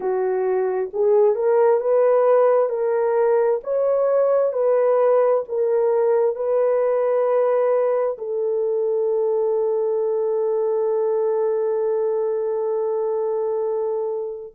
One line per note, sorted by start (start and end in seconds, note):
0.00 0.90 F#4
0.93 1.35 G#4
1.35 1.80 A#4
1.80 2.69 B4
2.69 3.60 A#4
3.63 4.52 C#5
4.52 5.43 B4
5.48 6.35 A#4
6.35 8.17 B4
8.17 14.54 A4